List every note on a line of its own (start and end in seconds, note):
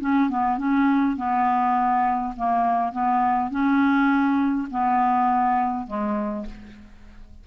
0.00 0.29 C#4
0.29 0.57 B3
0.57 1.16 C#4
1.16 2.34 B3
2.36 2.92 A#3
2.92 3.50 B3
3.50 4.68 C#4
4.70 5.87 B3
5.87 6.46 G#3